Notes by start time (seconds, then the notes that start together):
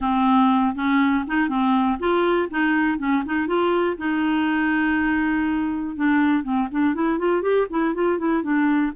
0.00 C4
0.75 C#4
1.27 D#4
1.49 C4
1.99 F4
2.50 D#4
2.98 C#4
3.25 D#4
3.47 F4
3.97 D#4
5.95 D4
6.43 C4
6.71 D4
6.94 E4
7.18 F4
7.42 G4
7.69 E4
7.94 F4
8.18 E4
8.42 D4